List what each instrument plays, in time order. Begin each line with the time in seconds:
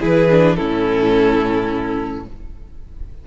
0.00 cello E3, viola E4, violin G#4 B4
0.30 viola D4
0.56 cello A2, viola C#4, violin E4 A4